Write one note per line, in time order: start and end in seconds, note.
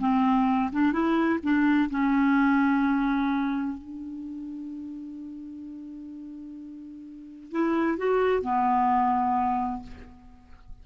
0.00 0.70 C4
0.72 0.92 D4
0.92 1.39 E4
1.43 1.90 D4
1.90 3.78 C#4
3.78 7.51 D4
7.51 7.98 E4
7.98 8.42 F#4
8.42 9.82 B3